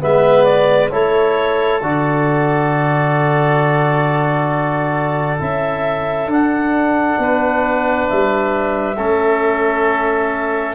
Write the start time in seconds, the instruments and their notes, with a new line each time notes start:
0.00 tuba G#3, trombone B3, oboe B4, clarinet E5
0.44 clarinet D5
0.91 tuba A3, trombone E4, oboe A4, clarinet C#5
1.82 tuba D3, trombone F#4, clarinet D5
5.39 tuba C#4, trombone E4, clarinet E5
6.27 tuba D4, trombone D4, clarinet F#5
7.18 tuba B3, oboe B4
8.08 tuba G3, clarinet E5
8.96 tuba A3, trombone C#4, oboe A4